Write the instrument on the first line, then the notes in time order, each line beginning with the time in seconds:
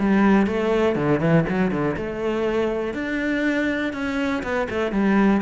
cello
0.00 G3
0.47 A3
0.96 D3
1.20 E3
1.49 F#3
1.72 D3
1.97 A3
2.94 D4
3.94 C#4
4.44 B3
4.70 A3
4.92 G3